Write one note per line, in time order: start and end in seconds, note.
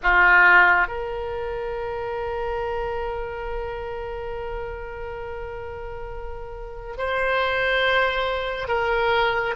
0.02 0.87 F4
0.87 6.96 A#4
6.97 8.68 C5
8.68 9.55 A#4